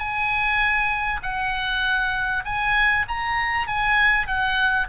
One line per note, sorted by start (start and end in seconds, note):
0.00 1.21 G#5
1.23 2.44 F#5
2.45 3.06 G#5
3.09 3.68 A#5
3.68 4.27 G#5
4.27 4.88 F#5